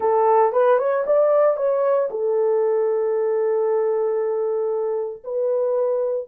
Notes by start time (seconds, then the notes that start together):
0.00 A4
0.52 B4
0.78 C#5
1.06 D5
1.57 C#5
2.10 A4
5.24 B4